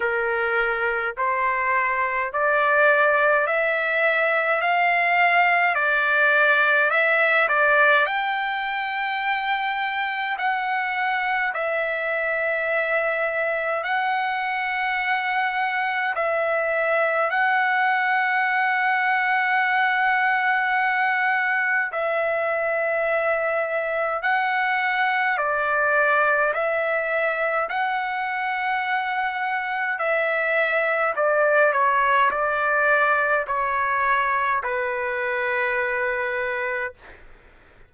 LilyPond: \new Staff \with { instrumentName = "trumpet" } { \time 4/4 \tempo 4 = 52 ais'4 c''4 d''4 e''4 | f''4 d''4 e''8 d''8 g''4~ | g''4 fis''4 e''2 | fis''2 e''4 fis''4~ |
fis''2. e''4~ | e''4 fis''4 d''4 e''4 | fis''2 e''4 d''8 cis''8 | d''4 cis''4 b'2 | }